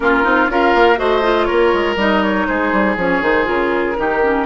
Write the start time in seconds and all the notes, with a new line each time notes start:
0.00 A#3 C#4 F4 A#4
0.23 C4 D#4
0.48 C#4 F4 A#4 F5
0.74 A#3
0.96 A3 F#4 C5 D#5
1.22 F4
1.44 A#4 C#5
1.51 A#3
1.73 G#3
1.96 G3 D#4 D#5
2.23 C#5
2.46 G#3 G#4 C5
2.72 G3
2.96 F3 C#4 C#5
3.21 D#3 D#4 C5
3.44 C#3 F4 A#4
3.96 D#3 D#4 G4
4.23 C#4